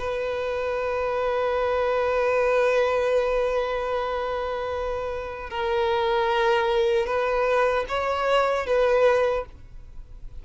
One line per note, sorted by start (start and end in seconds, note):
0.00 5.50 B4
5.50 7.07 A#4
7.07 7.86 B4
7.89 8.67 C#5
8.67 9.46 B4